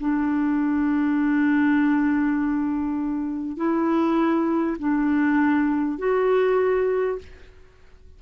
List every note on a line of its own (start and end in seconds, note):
0.00 3.57 D4
3.57 4.77 E4
4.79 5.98 D4
5.98 7.18 F#4